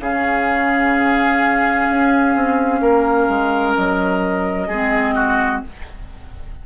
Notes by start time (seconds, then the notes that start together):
0.00 C#3 C#4 G#4 F5
1.90 C#4
2.35 C4
2.81 A#3 A#4
3.29 G#3
3.74 F#3 D#5
4.68 G#3 C4 G#4
5.15 F#4